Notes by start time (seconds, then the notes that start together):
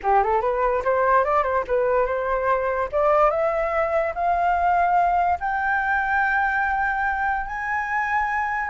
0.02 G4
0.23 A4
0.41 B4
0.84 C5
1.24 D5
1.43 C5
1.67 B4
2.06 C5
2.92 D5
3.30 E5
4.14 F5
5.40 G5
7.46 G#5